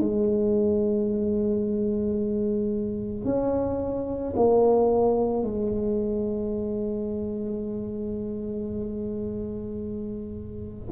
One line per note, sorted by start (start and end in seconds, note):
0.00 3.25 G#3
3.25 4.34 C#4
4.36 5.43 A#3
5.43 10.89 G#3